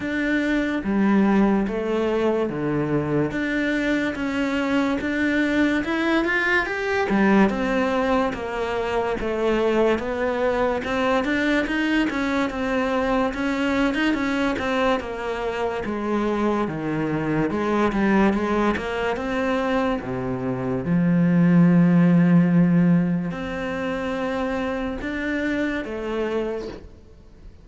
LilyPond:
\new Staff \with { instrumentName = "cello" } { \time 4/4 \tempo 4 = 72 d'4 g4 a4 d4 | d'4 cis'4 d'4 e'8 f'8 | g'8 g8 c'4 ais4 a4 | b4 c'8 d'8 dis'8 cis'8 c'4 |
cis'8. dis'16 cis'8 c'8 ais4 gis4 | dis4 gis8 g8 gis8 ais8 c'4 | c4 f2. | c'2 d'4 a4 | }